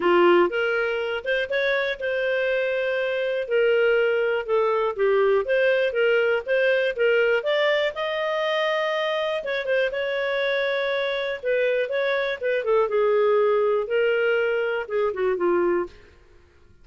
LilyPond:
\new Staff \with { instrumentName = "clarinet" } { \time 4/4 \tempo 4 = 121 f'4 ais'4. c''8 cis''4 | c''2. ais'4~ | ais'4 a'4 g'4 c''4 | ais'4 c''4 ais'4 d''4 |
dis''2. cis''8 c''8 | cis''2. b'4 | cis''4 b'8 a'8 gis'2 | ais'2 gis'8 fis'8 f'4 | }